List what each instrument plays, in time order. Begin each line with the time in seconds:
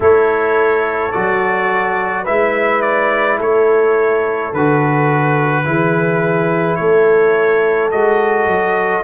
0.00 tuba A3, trombone E4, horn A4, trumpet C#5
1.11 tuba F#3, trombone F#4, trumpet D5
2.23 tuba G#3, trombone E4, horn B4, trumpet E5
2.81 trumpet D5
3.38 tuba A3, horn A4, trumpet C#5
4.52 tuba D3, trombone F#4, trumpet B4
5.64 tuba E3, trombone E4, horn G#4
6.76 tuba A3, horn A4, trumpet C#5
7.91 tuba G#3, trombone F#4, trumpet D#5
8.46 tuba F#3